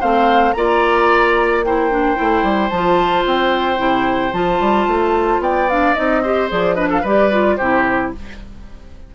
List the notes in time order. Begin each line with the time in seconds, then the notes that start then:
0.00 A3 C4 C5 F5
0.53 A#3 F4 D5 A#5
1.64 E4 C5 G5
1.90 D4
2.15 A3 E4
2.43 G3
2.70 F3 F4 A5
3.25 C4 G5
3.77 C3 E4
4.32 F3 F4 A5
4.60 G3
4.87 A3
5.39 B3 D5 G5
5.69 D4 F5
5.94 C4 D#4 D#5
6.22 G4 C5
6.49 F3 G#4 D5
6.74 D4 B4 D#5
6.89 A4 F5
7.01 G3 G4 B4 D5
7.31 F4
7.56 C3 E4 G4 C5